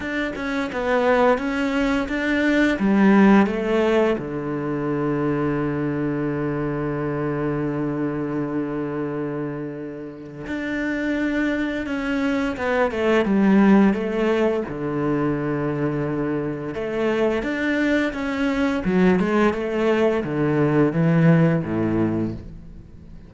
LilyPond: \new Staff \with { instrumentName = "cello" } { \time 4/4 \tempo 4 = 86 d'8 cis'8 b4 cis'4 d'4 | g4 a4 d2~ | d1~ | d2. d'4~ |
d'4 cis'4 b8 a8 g4 | a4 d2. | a4 d'4 cis'4 fis8 gis8 | a4 d4 e4 a,4 | }